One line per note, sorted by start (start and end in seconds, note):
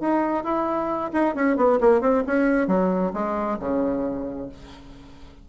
0.00 0.44 D#4
0.44 1.11 E4
1.13 1.35 D#4
1.35 1.57 C#4
1.57 1.79 B3
1.81 2.01 A#3
2.01 2.23 C4
2.27 2.67 C#4
2.67 3.12 F#3
3.13 3.58 G#3
3.59 4.49 C#3